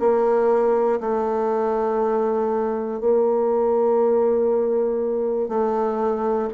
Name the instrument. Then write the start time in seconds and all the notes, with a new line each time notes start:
bassoon
0.00 A#3
1.00 A3
3.00 A#3
5.49 A3